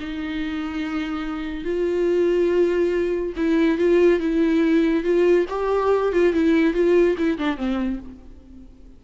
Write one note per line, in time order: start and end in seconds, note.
0.00 1.65 D#4
1.65 3.34 F4
3.37 3.78 E4
3.78 4.20 F4
4.20 5.04 E4
5.04 5.46 F4
5.50 6.13 G4
6.13 6.34 F4
6.34 6.74 E4
6.74 7.16 F4
7.19 7.39 E4
7.39 7.57 D4
7.57 8.00 C4